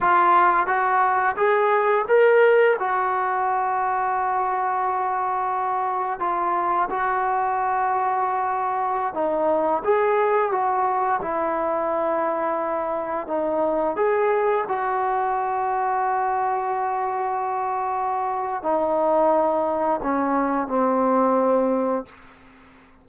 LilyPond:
\new Staff \with { instrumentName = "trombone" } { \time 4/4 \tempo 4 = 87 f'4 fis'4 gis'4 ais'4 | fis'1~ | fis'4 f'4 fis'2~ | fis'4~ fis'16 dis'4 gis'4 fis'8.~ |
fis'16 e'2. dis'8.~ | dis'16 gis'4 fis'2~ fis'8.~ | fis'2. dis'4~ | dis'4 cis'4 c'2 | }